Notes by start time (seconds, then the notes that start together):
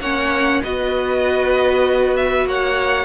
0.00 A#3 C#4 C#5 F#5
0.63 B3 F#4 B4 D#5
2.16 E5
2.45 A#3 C#5 F#5